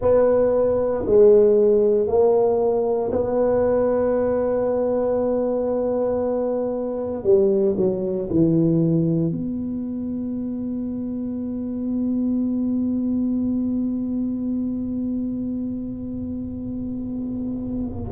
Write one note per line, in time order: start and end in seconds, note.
0.01 1.04 B3
1.06 2.07 G#3
2.07 3.10 A#3
3.12 7.23 B3
7.23 7.75 G3
7.76 8.28 F#3
8.30 9.31 E3
9.31 18.10 B3